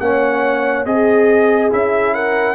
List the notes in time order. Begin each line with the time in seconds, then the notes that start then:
0.00 A#3 C#4 C#5 F#5
0.86 C4 G#4 D#5
1.70 C#4 E4 E5
2.14 A#4 F#5